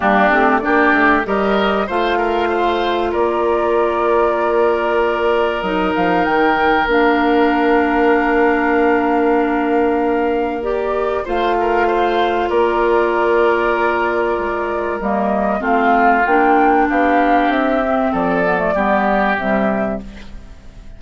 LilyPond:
<<
  \new Staff \with { instrumentName = "flute" } { \time 4/4 \tempo 4 = 96 g'4 d''4 dis''4 f''4~ | f''4 d''2.~ | d''4 dis''8 f''8 g''4 f''4~ | f''1~ |
f''4 d''4 f''2 | d''1 | dis''4 f''4 g''4 f''4 | e''4 d''2 e''4 | }
  \new Staff \with { instrumentName = "oboe" } { \time 4/4 d'4 g'4 ais'4 c''8 ais'8 | c''4 ais'2.~ | ais'1~ | ais'1~ |
ais'2 c''8 ais'8 c''4 | ais'1~ | ais'4 f'2 g'4~ | g'4 a'4 g'2 | }
  \new Staff \with { instrumentName = "clarinet" } { \time 4/4 ais8 c'8 d'4 g'4 f'4~ | f'1~ | f'4 dis'2 d'4~ | d'1~ |
d'4 g'4 f'2~ | f'1 | ais4 c'4 d'2~ | d'8 c'4 b16 a16 b4 g4 | }
  \new Staff \with { instrumentName = "bassoon" } { \time 4/4 g8 a8 ais8 a8 g4 a4~ | a4 ais2.~ | ais4 fis8 f8 dis4 ais4~ | ais1~ |
ais2 a2 | ais2. gis4 | g4 a4 ais4 b4 | c'4 f4 g4 c4 | }
>>